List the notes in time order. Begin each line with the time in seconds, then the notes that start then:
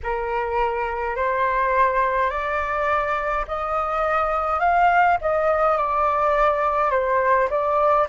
0.03 A#4
1.15 C5
2.30 D5
3.47 D#5
4.59 F5
5.21 D#5
5.77 D5
6.90 C5
7.49 D5